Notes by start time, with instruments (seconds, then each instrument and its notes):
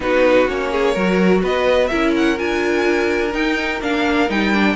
0.00 cello B3, viola D#4, violin F#4 B4
0.48 cello A#3, viola C#4, violin C#5
0.71 violin G#4
0.93 cello F#3, viola F#4, violin A#4
1.42 cello B3, violin B4 D#5
1.86 cello C#4, viola E4, violin A#4 E5
2.16 violin F#5
2.36 cello D4, viola F4, violin G#5
3.31 viola D#4, cello D#4, violin G5
3.81 cello A#3, viola D4, violin F5
4.28 cello G3, viola D#4, violin G5
4.52 viola D4